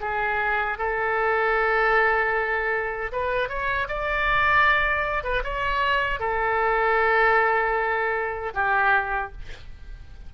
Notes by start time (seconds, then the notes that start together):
0.00 G#4
0.78 A4
3.12 B4
3.49 C#5
3.87 D5
5.23 B4
5.43 C#5
6.19 A4
8.54 G4